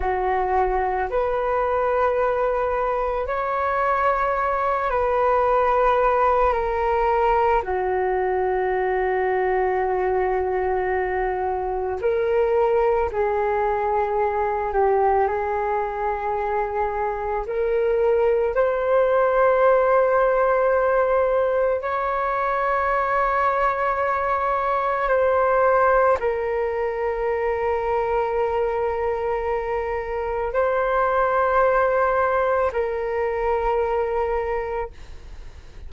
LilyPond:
\new Staff \with { instrumentName = "flute" } { \time 4/4 \tempo 4 = 55 fis'4 b'2 cis''4~ | cis''8 b'4. ais'4 fis'4~ | fis'2. ais'4 | gis'4. g'8 gis'2 |
ais'4 c''2. | cis''2. c''4 | ais'1 | c''2 ais'2 | }